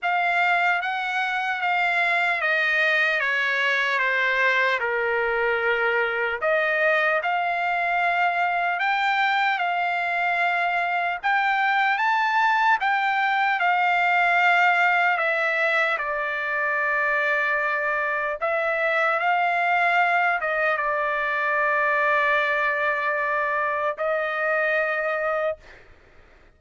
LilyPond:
\new Staff \with { instrumentName = "trumpet" } { \time 4/4 \tempo 4 = 75 f''4 fis''4 f''4 dis''4 | cis''4 c''4 ais'2 | dis''4 f''2 g''4 | f''2 g''4 a''4 |
g''4 f''2 e''4 | d''2. e''4 | f''4. dis''8 d''2~ | d''2 dis''2 | }